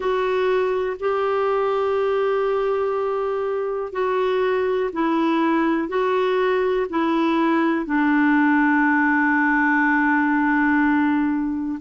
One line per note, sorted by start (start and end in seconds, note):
0.00 0.96 F#4
0.99 3.92 G4
3.92 4.90 F#4
4.92 5.88 E4
5.88 6.86 F#4
6.89 7.85 E4
7.85 11.79 D4